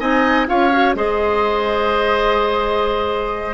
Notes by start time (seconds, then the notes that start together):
0.00 C4 D#4 D#5 G#5
0.47 C#4 F4 C#5 F5
0.72 F#4
0.95 G#3 G#4 C5 D#5